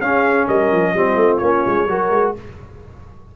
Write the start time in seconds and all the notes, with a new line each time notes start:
0.00 C#4 G#4 F5
0.46 G3 A#4 D#5
0.71 F3
0.93 G3 C4 F4
1.15 A3
1.37 A#3 C#4 C#5
1.66 G#3
1.86 F#3 F#4 A#4
2.10 G#3